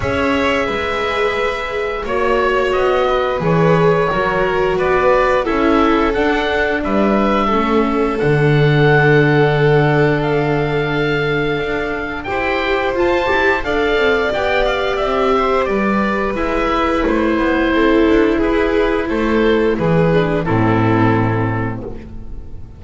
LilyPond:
<<
  \new Staff \with { instrumentName = "oboe" } { \time 4/4 \tempo 4 = 88 e''2. cis''4 | dis''4 cis''2 d''4 | e''4 fis''4 e''2 | fis''2. f''4~ |
f''2 g''4 a''4 | f''4 g''8 f''8 e''4 d''4 | e''4 c''2 b'4 | c''4 b'4 a'2 | }
  \new Staff \with { instrumentName = "violin" } { \time 4/4 cis''4 b'2 cis''4~ | cis''8 b'4. ais'4 b'4 | a'2 b'4 a'4~ | a'1~ |
a'2 c''2 | d''2~ d''8 c''8 b'4~ | b'2 a'4 gis'4 | a'4 gis'4 e'2 | }
  \new Staff \with { instrumentName = "viola" } { \time 4/4 gis'2. fis'4~ | fis'4 gis'4 fis'2 | e'4 d'2 cis'4 | d'1~ |
d'2 g'4 f'8 g'8 | a'4 g'2. | e'1~ | e'4. d'8 c'2 | }
  \new Staff \with { instrumentName = "double bass" } { \time 4/4 cis'4 gis2 ais4 | b4 e4 fis4 b4 | cis'4 d'4 g4 a4 | d1~ |
d4 d'4 e'4 f'8 e'8 | d'8 c'8 b4 c'4 g4 | gis4 a8 b8 c'8 d'8 e'4 | a4 e4 a,2 | }
>>